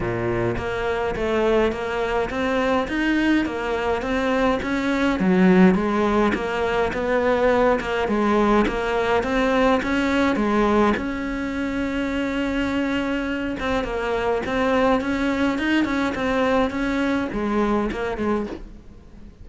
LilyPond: \new Staff \with { instrumentName = "cello" } { \time 4/4 \tempo 4 = 104 ais,4 ais4 a4 ais4 | c'4 dis'4 ais4 c'4 | cis'4 fis4 gis4 ais4 | b4. ais8 gis4 ais4 |
c'4 cis'4 gis4 cis'4~ | cis'2.~ cis'8 c'8 | ais4 c'4 cis'4 dis'8 cis'8 | c'4 cis'4 gis4 ais8 gis8 | }